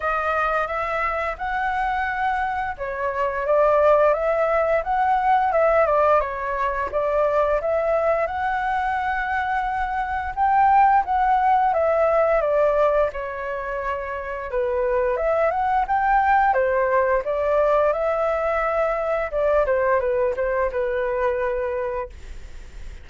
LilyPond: \new Staff \with { instrumentName = "flute" } { \time 4/4 \tempo 4 = 87 dis''4 e''4 fis''2 | cis''4 d''4 e''4 fis''4 | e''8 d''8 cis''4 d''4 e''4 | fis''2. g''4 |
fis''4 e''4 d''4 cis''4~ | cis''4 b'4 e''8 fis''8 g''4 | c''4 d''4 e''2 | d''8 c''8 b'8 c''8 b'2 | }